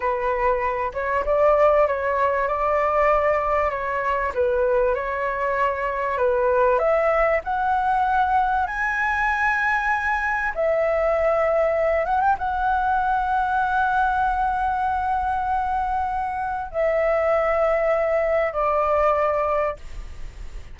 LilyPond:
\new Staff \with { instrumentName = "flute" } { \time 4/4 \tempo 4 = 97 b'4. cis''8 d''4 cis''4 | d''2 cis''4 b'4 | cis''2 b'4 e''4 | fis''2 gis''2~ |
gis''4 e''2~ e''8 fis''16 g''16 | fis''1~ | fis''2. e''4~ | e''2 d''2 | }